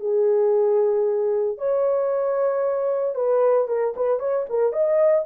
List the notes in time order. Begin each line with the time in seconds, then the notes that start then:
0.00 G#4
1.58 C#5
3.15 B4
3.68 A#4
3.96 B4
4.20 C#5
4.50 A#4
4.72 D#5